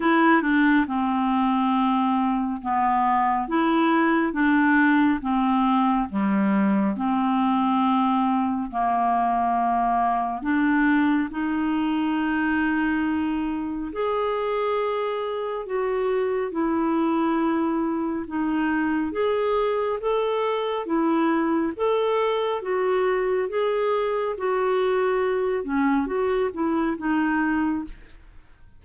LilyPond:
\new Staff \with { instrumentName = "clarinet" } { \time 4/4 \tempo 4 = 69 e'8 d'8 c'2 b4 | e'4 d'4 c'4 g4 | c'2 ais2 | d'4 dis'2. |
gis'2 fis'4 e'4~ | e'4 dis'4 gis'4 a'4 | e'4 a'4 fis'4 gis'4 | fis'4. cis'8 fis'8 e'8 dis'4 | }